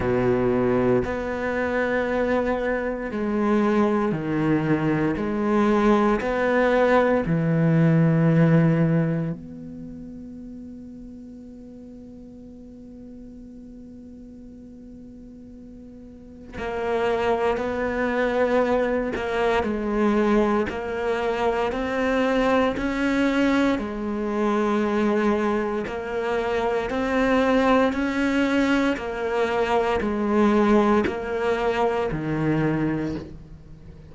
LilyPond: \new Staff \with { instrumentName = "cello" } { \time 4/4 \tempo 4 = 58 b,4 b2 gis4 | dis4 gis4 b4 e4~ | e4 b2.~ | b1 |
ais4 b4. ais8 gis4 | ais4 c'4 cis'4 gis4~ | gis4 ais4 c'4 cis'4 | ais4 gis4 ais4 dis4 | }